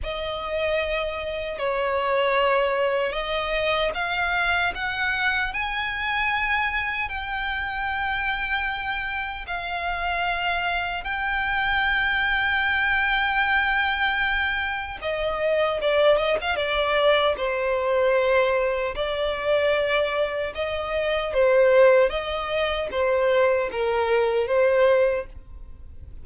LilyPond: \new Staff \with { instrumentName = "violin" } { \time 4/4 \tempo 4 = 76 dis''2 cis''2 | dis''4 f''4 fis''4 gis''4~ | gis''4 g''2. | f''2 g''2~ |
g''2. dis''4 | d''8 dis''16 f''16 d''4 c''2 | d''2 dis''4 c''4 | dis''4 c''4 ais'4 c''4 | }